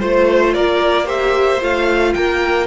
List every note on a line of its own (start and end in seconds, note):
0.00 0.56 A3
0.00 1.06 F4
0.00 0.54 C5
0.54 1.61 A#3
0.54 1.06 A#4
0.54 1.07 D5
1.06 1.59 G4
1.06 2.13 C5
1.06 1.62 E5
1.60 2.15 A3
1.60 2.67 F4
1.60 2.14 F5
2.14 2.67 A#3
2.14 2.67 A#4
2.14 2.67 G5